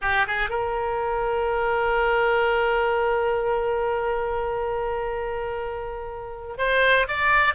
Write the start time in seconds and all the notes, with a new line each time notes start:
0.01 G4
0.27 G#4
0.49 A#4
6.57 C5
7.08 D5